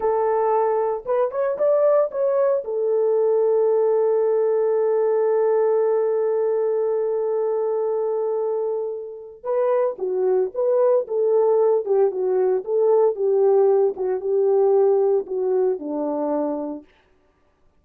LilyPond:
\new Staff \with { instrumentName = "horn" } { \time 4/4 \tempo 4 = 114 a'2 b'8 cis''8 d''4 | cis''4 a'2.~ | a'1~ | a'1~ |
a'2 b'4 fis'4 | b'4 a'4. g'8 fis'4 | a'4 g'4. fis'8 g'4~ | g'4 fis'4 d'2 | }